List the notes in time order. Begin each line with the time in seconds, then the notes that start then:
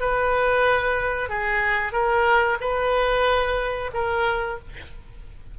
0.00 B4
1.29 G#4
1.92 A#4
2.60 B4
3.93 A#4